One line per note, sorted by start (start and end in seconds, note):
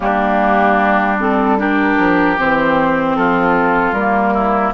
0.00 1.97 G3
0.00 1.17 A#3
0.00 1.57 D4
0.00 1.19 G4
1.18 1.58 C4
1.18 1.59 A4
1.58 2.37 D4
1.58 3.17 G4
1.58 2.38 A#4
1.98 2.37 F3
2.38 3.17 E3
2.38 3.96 C4
2.38 3.16 C5
3.16 3.92 F3
3.16 4.33 F4
3.16 3.93 A4
3.92 4.71 G3
3.92 4.74 A#3
3.92 4.72 A#4
4.33 4.73 E4